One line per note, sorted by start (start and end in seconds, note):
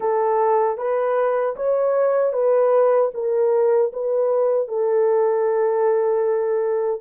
0.00 0.77 A4
0.77 1.55 B4
1.56 2.32 C#5
2.32 3.10 B4
3.14 3.92 A#4
3.92 4.68 B4
4.68 7.01 A4